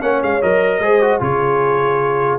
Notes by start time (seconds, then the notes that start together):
0.00 A#3 C#4 C#5 F#5
0.23 G#3 F5
0.42 F#3 A#4 D#5
0.80 G#3 G#4 C5
1.02 F#4
1.21 C#3 F4 G#4 C#5